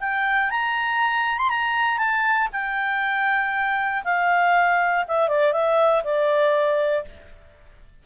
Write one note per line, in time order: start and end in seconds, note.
0.00 0.50 G5
0.50 1.38 A#5
1.38 1.49 C6
1.49 1.98 A#5
1.98 2.48 A5
2.52 4.04 G5
4.04 5.05 F5
5.08 5.28 E5
5.28 5.53 D5
5.53 6.03 E5
6.04 7.05 D5